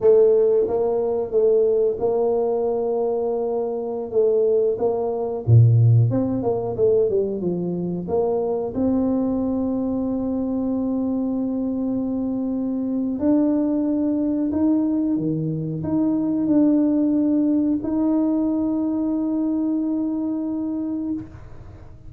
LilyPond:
\new Staff \with { instrumentName = "tuba" } { \time 4/4 \tempo 4 = 91 a4 ais4 a4 ais4~ | ais2~ ais16 a4 ais8.~ | ais16 ais,4 c'8 ais8 a8 g8 f8.~ | f16 ais4 c'2~ c'8.~ |
c'1 | d'2 dis'4 dis4 | dis'4 d'2 dis'4~ | dis'1 | }